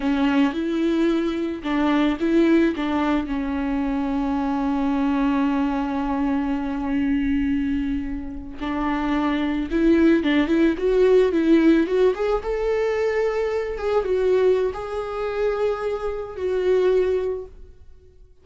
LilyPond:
\new Staff \with { instrumentName = "viola" } { \time 4/4 \tempo 4 = 110 cis'4 e'2 d'4 | e'4 d'4 cis'2~ | cis'1~ | cis'2.~ cis'8. d'16~ |
d'4.~ d'16 e'4 d'8 e'8 fis'16~ | fis'8. e'4 fis'8 gis'8 a'4~ a'16~ | a'4~ a'16 gis'8 fis'4~ fis'16 gis'4~ | gis'2 fis'2 | }